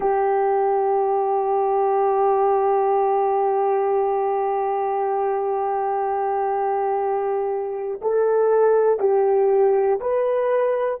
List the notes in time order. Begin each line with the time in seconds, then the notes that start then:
0.00 G4
8.01 A4
8.99 G4
10.00 B4